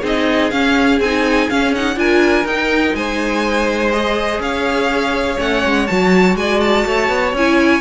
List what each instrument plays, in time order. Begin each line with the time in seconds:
0.00 cello C4, viola D#4, violin G#4
0.07 violin D#5
0.51 viola C#4, cello C#4, violin F5
1.00 cello C4, viola D#4, violin G#5
1.50 viola C#4, cello C#4, violin F5
1.75 viola D#4, violin F#5
1.95 cello D4, viola F4, violin A#4 G#5
2.45 cello D#4, viola D#4, violin G5
2.95 cello G#3, violin C5 G#5
3.92 viola G#4, violin D#5
4.40 cello C#4, violin C#5 F5
5.38 cello A3, viola C#4, violin F#5
5.65 cello G#3
5.87 cello F#3, viola F#4, violin A5
6.36 cello G#3, violin D5 G#5
6.60 violin A5
6.86 cello A3, violin C#5
7.09 cello B3
7.33 cello C#4, viola E4, violin G#5